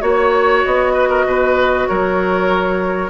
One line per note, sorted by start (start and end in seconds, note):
0.00 0.63 A#3
0.00 3.09 F#4
0.00 0.93 C#5
0.00 0.63 C#5
0.64 1.25 B3
0.64 1.86 D#5
0.93 1.08 B4
1.09 1.24 A#4
1.25 1.87 B2
1.25 1.88 B4
1.86 3.09 F#3
1.86 3.09 A#4
1.86 3.09 C#5